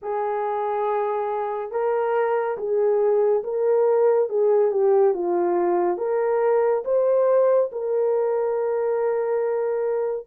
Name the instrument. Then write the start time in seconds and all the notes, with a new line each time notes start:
horn
0.02 G#4
1.71 A#4
2.57 G#4
3.43 A#4
4.29 G#4
4.71 G4
5.14 F4
5.97 A#4
6.84 C5
7.72 A#4